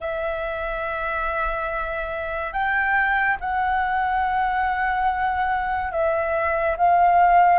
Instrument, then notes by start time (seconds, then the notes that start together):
flute
0.00 E5
2.52 G5
3.40 F#5
5.92 E5
6.77 F5